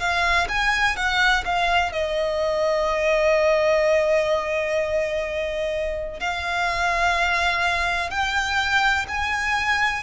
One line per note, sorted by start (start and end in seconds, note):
0.00 0.48 F5
0.49 0.97 G#5
0.97 1.44 F#5
1.45 1.93 F5
1.93 6.20 D#5
6.20 8.11 F5
8.11 9.06 G5
9.08 10.03 G#5